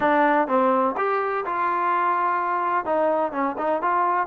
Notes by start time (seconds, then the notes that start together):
0.00 D4
0.47 C4
0.97 G4
1.45 F4
2.85 D#4
3.32 C#4
3.58 D#4
3.82 F4